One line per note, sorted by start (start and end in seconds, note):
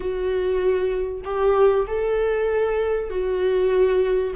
0.00 1.21 F#4
1.24 1.86 G4
1.87 3.10 A4
3.10 4.33 F#4